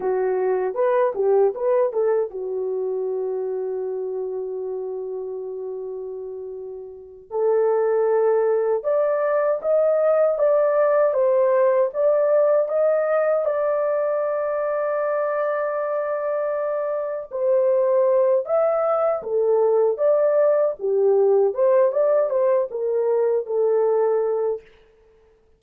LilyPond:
\new Staff \with { instrumentName = "horn" } { \time 4/4 \tempo 4 = 78 fis'4 b'8 g'8 b'8 a'8 fis'4~ | fis'1~ | fis'4. a'2 d''8~ | d''8 dis''4 d''4 c''4 d''8~ |
d''8 dis''4 d''2~ d''8~ | d''2~ d''8 c''4. | e''4 a'4 d''4 g'4 | c''8 d''8 c''8 ais'4 a'4. | }